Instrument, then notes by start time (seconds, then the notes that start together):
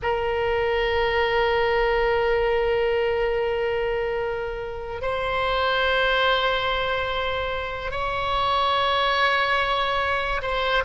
oboe
0.02 A#4
5.01 C5
7.91 C#5
10.42 C5